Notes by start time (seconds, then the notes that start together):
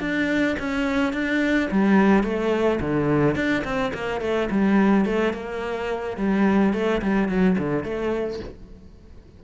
0.00 D4
0.58 C#4
1.12 D4
1.71 G3
2.23 A3
2.80 D3
3.35 D4
3.64 C4
3.93 A#3
4.21 A3
4.50 G3
5.05 A3
5.33 A#3
6.17 G3
6.73 A3
7.01 G3
7.28 F#3
7.58 D3
7.84 A3